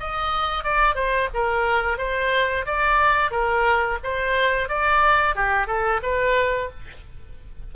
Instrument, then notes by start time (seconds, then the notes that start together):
oboe
0.00 D#5
0.64 D5
0.95 C5
1.34 A#4
1.98 C5
2.66 D5
3.31 A#4
4.03 C5
4.69 D5
5.36 G4
5.67 A4
6.02 B4